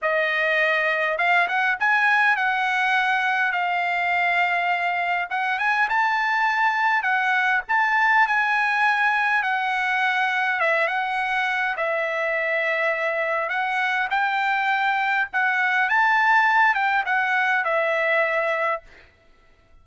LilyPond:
\new Staff \with { instrumentName = "trumpet" } { \time 4/4 \tempo 4 = 102 dis''2 f''8 fis''8 gis''4 | fis''2 f''2~ | f''4 fis''8 gis''8 a''2 | fis''4 a''4 gis''2 |
fis''2 e''8 fis''4. | e''2. fis''4 | g''2 fis''4 a''4~ | a''8 g''8 fis''4 e''2 | }